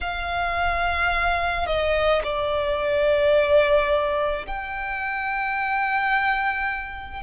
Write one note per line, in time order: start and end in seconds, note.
0.00 1.66 F5
1.66 2.22 D#5
2.23 4.45 D5
4.46 7.23 G5